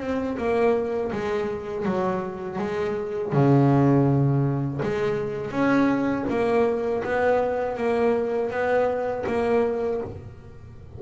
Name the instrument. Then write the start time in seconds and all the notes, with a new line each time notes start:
double bass
0.00 C4
0.38 A#3
1.12 G#3
1.86 F#3
2.59 G#3
3.33 C#3
4.83 G#3
5.51 C#4
6.30 A#3
7.04 B3
7.77 A#3
8.51 B3
9.27 A#3